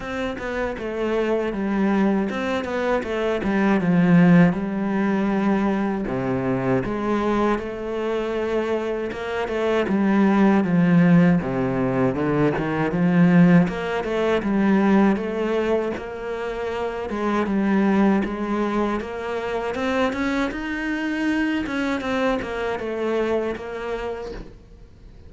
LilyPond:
\new Staff \with { instrumentName = "cello" } { \time 4/4 \tempo 4 = 79 c'8 b8 a4 g4 c'8 b8 | a8 g8 f4 g2 | c4 gis4 a2 | ais8 a8 g4 f4 c4 |
d8 dis8 f4 ais8 a8 g4 | a4 ais4. gis8 g4 | gis4 ais4 c'8 cis'8 dis'4~ | dis'8 cis'8 c'8 ais8 a4 ais4 | }